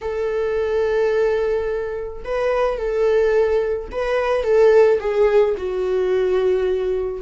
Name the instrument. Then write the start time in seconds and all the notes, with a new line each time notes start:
viola
0.01 A4
2.24 B4
2.77 A4
3.91 B4
4.43 A4
4.99 G#4
5.57 F#4